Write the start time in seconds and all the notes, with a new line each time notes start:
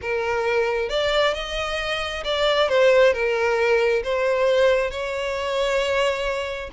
0.01 A#4
0.89 D5
1.34 D#5
2.23 D5
2.68 C5
3.13 A#4
4.03 C5
4.90 C#5